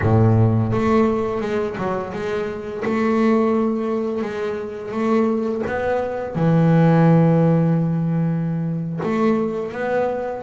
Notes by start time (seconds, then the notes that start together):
0.02 A2
0.72 A3
1.41 G#3
1.77 F#3
2.13 G#3
2.84 A3
4.22 G#3
4.91 A3
5.67 B3
6.35 E3
9.02 A3
9.72 B3